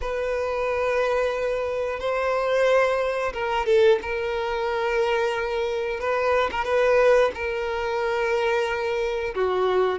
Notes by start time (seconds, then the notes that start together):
0.01 B4
1.99 C5
3.33 A#4
3.65 A4
4.02 A#4
5.99 B4
6.51 A#4
6.64 B4
7.34 A#4
9.35 F#4